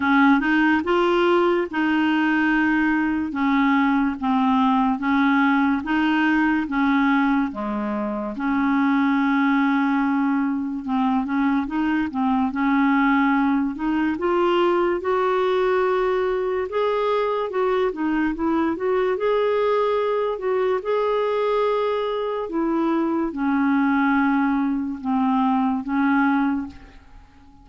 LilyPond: \new Staff \with { instrumentName = "clarinet" } { \time 4/4 \tempo 4 = 72 cis'8 dis'8 f'4 dis'2 | cis'4 c'4 cis'4 dis'4 | cis'4 gis4 cis'2~ | cis'4 c'8 cis'8 dis'8 c'8 cis'4~ |
cis'8 dis'8 f'4 fis'2 | gis'4 fis'8 dis'8 e'8 fis'8 gis'4~ | gis'8 fis'8 gis'2 e'4 | cis'2 c'4 cis'4 | }